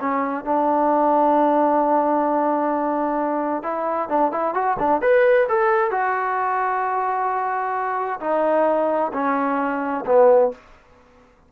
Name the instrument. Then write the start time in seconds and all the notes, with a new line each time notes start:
trombone
0.00 C#4
0.44 D4
3.63 E4
4.09 D4
4.32 E4
4.54 F#4
4.78 D4
5.01 B4
5.48 A4
5.90 F#4
8.20 D#4
9.12 C#4
10.05 B3